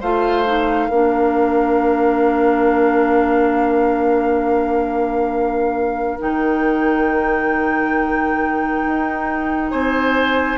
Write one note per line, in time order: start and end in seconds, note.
0.00 0.89 A3
0.00 0.45 F4
0.00 0.88 C5
0.00 6.19 F5
0.45 0.89 D#4
0.88 6.19 A#3
0.88 6.19 D4
0.88 9.70 A#4
6.19 8.85 D#3
6.19 10.57 D#4
6.19 9.70 G5
8.85 9.72 D#4
9.70 10.57 C4
9.70 10.57 C5
9.70 10.57 G#5